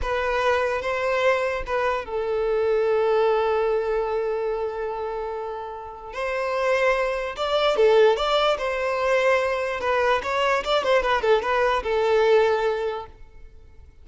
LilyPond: \new Staff \with { instrumentName = "violin" } { \time 4/4 \tempo 4 = 147 b'2 c''2 | b'4 a'2.~ | a'1~ | a'2. c''4~ |
c''2 d''4 a'4 | d''4 c''2. | b'4 cis''4 d''8 c''8 b'8 a'8 | b'4 a'2. | }